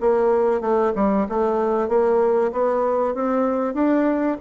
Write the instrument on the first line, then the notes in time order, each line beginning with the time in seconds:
bassoon
0.00 A#3
0.61 A3
0.95 G3
1.29 A3
1.88 A#3
2.52 B3
3.14 C4
3.74 D4